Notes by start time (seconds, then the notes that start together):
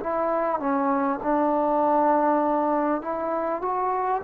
0.00 E4
0.59 C#4
1.23 D4
3.01 E4
3.61 F#4